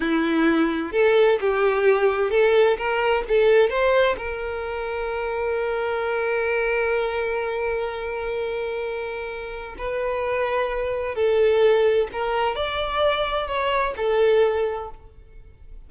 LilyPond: \new Staff \with { instrumentName = "violin" } { \time 4/4 \tempo 4 = 129 e'2 a'4 g'4~ | g'4 a'4 ais'4 a'4 | c''4 ais'2.~ | ais'1~ |
ais'1~ | ais'4 b'2. | a'2 ais'4 d''4~ | d''4 cis''4 a'2 | }